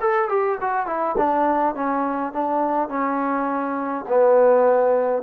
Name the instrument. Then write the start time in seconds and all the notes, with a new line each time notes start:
trombone
0.00 A4
0.29 G4
0.61 F#4
0.86 E4
1.17 D4
1.75 C#4
2.32 D4
2.88 C#4
4.08 B3